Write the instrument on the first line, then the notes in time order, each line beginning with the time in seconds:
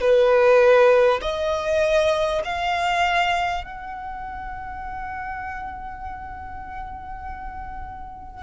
violin
0.00 B4
1.22 D#5
2.44 F5
3.64 F#5